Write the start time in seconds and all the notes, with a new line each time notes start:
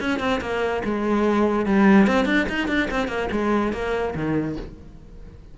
0.00 C#4
0.19 C4
0.41 A#3
0.85 G#3
1.66 G3
2.07 C4
2.25 D4
2.49 D#4
2.68 D4
2.90 C4
3.08 A#3
3.31 G#3
3.72 A#3
4.15 D#3